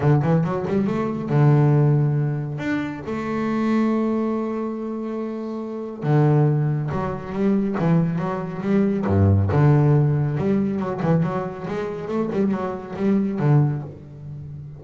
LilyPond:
\new Staff \with { instrumentName = "double bass" } { \time 4/4 \tempo 4 = 139 d8 e8 fis8 g8 a4 d4~ | d2 d'4 a4~ | a1~ | a2 d2 |
fis4 g4 e4 fis4 | g4 g,4 d2 | g4 fis8 e8 fis4 gis4 | a8 g8 fis4 g4 d4 | }